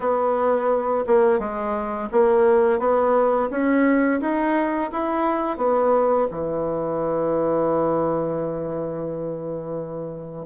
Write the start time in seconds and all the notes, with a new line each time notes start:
0.00 B3
1.07 A#3
1.39 G#3
2.11 A#3
2.79 B3
3.50 C#4
4.21 D#4
4.92 E4
5.57 B3
6.30 E3